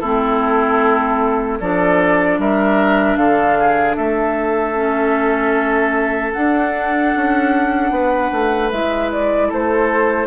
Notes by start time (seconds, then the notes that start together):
0.00 A3 C4 E4 A4
1.60 F3 D4 A4 D5
2.39 G3 A#4 E5
3.17 D3 A4 F5
3.59 G#4
3.96 A3 A4 E5
4.75 C#4
6.33 D4 F#5
7.16 C#4
7.91 B3 B4
8.33 A3
8.71 G#3 E4 E5
9.12 D5
9.49 A3 A4 C5